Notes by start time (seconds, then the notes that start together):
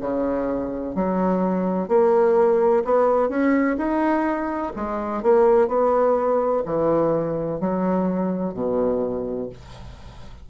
0.00 C#3
0.95 F#3
1.88 A#3
2.84 B3
3.29 C#4
3.77 D#4
4.75 G#3
5.22 A#3
5.67 B3
6.65 E3
7.60 F#3
8.54 B2